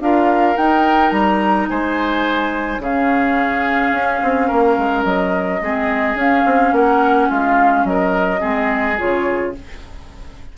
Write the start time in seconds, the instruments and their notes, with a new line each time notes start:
0.00 bassoon D4, clarinet F4, oboe A#4, flute F5
0.56 clarinet D#4, bassoon D#4, flute G5
1.11 bassoon G3, flute A#5
1.69 bassoon G#3, oboe C5, flute G#5
2.79 bassoon C#3, clarinet C#4, oboe G#4, flute F5
3.92 bassoon C#4
4.22 bassoon C4
4.47 bassoon A#3, oboe A#4
4.77 bassoon G#3
5.04 bassoon F#3, flute D#5
5.61 bassoon G#3, clarinet C4, oboe G#4
6.15 bassoon C#4, clarinet C#4, flute F5
6.45 bassoon C4
6.72 bassoon A#3, oboe A#4, flute F#5
7.29 bassoon G#3, oboe F4, flute F5
7.84 bassoon F#3, oboe A#4, flute D#5
8.39 bassoon G#3, clarinet C4, oboe G#4
8.98 bassoon C#3, clarinet F4, flute C#5